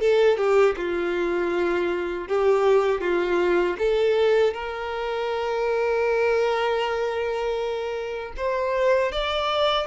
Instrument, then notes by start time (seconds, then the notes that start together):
violin
0.00 A4
0.37 G4
0.77 F4
2.28 G4
3.01 F4
3.78 A4
4.53 A#4
8.37 C5
9.12 D5